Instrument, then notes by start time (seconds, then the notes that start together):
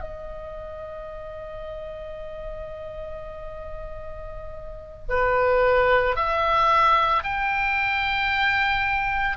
oboe
0.00 D#5
5.09 B4
6.16 E5
7.23 G5